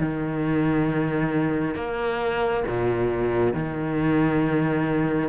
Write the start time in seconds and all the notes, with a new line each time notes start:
0.00 D#3
1.75 A#3
2.68 A#2
3.54 D#3